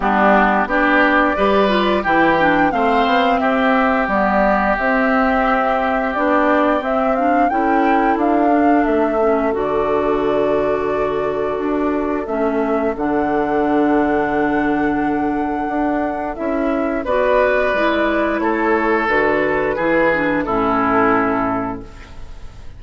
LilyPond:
<<
  \new Staff \with { instrumentName = "flute" } { \time 4/4 \tempo 4 = 88 g'4 d''2 g''4 | f''4 e''4 d''4 e''4~ | e''4 d''4 e''8 f''8 g''4 | f''4 e''4 d''2~ |
d''2 e''4 fis''4~ | fis''1 | e''4 d''2 cis''4 | b'2 a'2 | }
  \new Staff \with { instrumentName = "oboe" } { \time 4/4 d'4 g'4 b'4 g'4 | c''4 g'2.~ | g'2. a'4~ | a'1~ |
a'1~ | a'1~ | a'4 b'2 a'4~ | a'4 gis'4 e'2 | }
  \new Staff \with { instrumentName = "clarinet" } { \time 4/4 b4 d'4 g'8 f'8 e'8 d'8 | c'2 b4 c'4~ | c'4 d'4 c'8 d'8 e'4~ | e'8 d'4 cis'8 fis'2~ |
fis'2 cis'4 d'4~ | d'1 | e'4 fis'4 e'2 | fis'4 e'8 d'8 cis'2 | }
  \new Staff \with { instrumentName = "bassoon" } { \time 4/4 g4 b4 g4 e4 | a8 b8 c'4 g4 c'4~ | c'4 b4 c'4 cis'4 | d'4 a4 d2~ |
d4 d'4 a4 d4~ | d2. d'4 | cis'4 b4 gis4 a4 | d4 e4 a,2 | }
>>